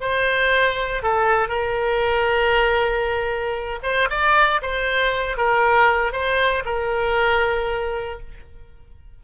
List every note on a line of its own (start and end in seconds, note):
0.00 1.03 C5
1.03 1.48 A4
1.48 3.79 A#4
3.83 4.08 C5
4.10 4.61 D5
4.62 5.37 C5
5.37 6.12 A#4
6.12 6.63 C5
6.65 8.19 A#4